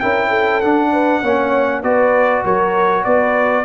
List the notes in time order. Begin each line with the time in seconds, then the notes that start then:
0.00 C#4 E4 A#4 G5
0.29 A4
0.61 D4 F#5
0.93 B4
1.22 A#3 C#4 C#5
1.83 B3 F#4 B4 D5
2.44 F#3 A#4 C#5
3.04 B3 B4 D5